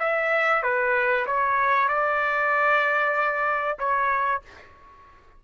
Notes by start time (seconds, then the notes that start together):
0.00 E5
0.63 B4
1.27 C#5
1.89 D5
3.79 C#5